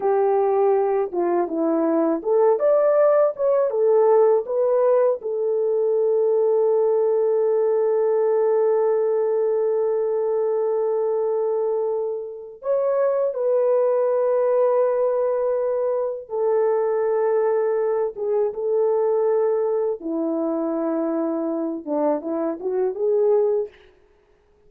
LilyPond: \new Staff \with { instrumentName = "horn" } { \time 4/4 \tempo 4 = 81 g'4. f'8 e'4 a'8 d''8~ | d''8 cis''8 a'4 b'4 a'4~ | a'1~ | a'1~ |
a'4 cis''4 b'2~ | b'2 a'2~ | a'8 gis'8 a'2 e'4~ | e'4. d'8 e'8 fis'8 gis'4 | }